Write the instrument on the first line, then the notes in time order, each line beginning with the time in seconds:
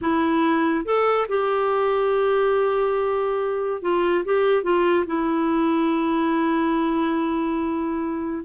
clarinet
0.01 E4
0.85 A4
1.28 G4
3.82 F4
4.25 G4
4.63 F4
5.06 E4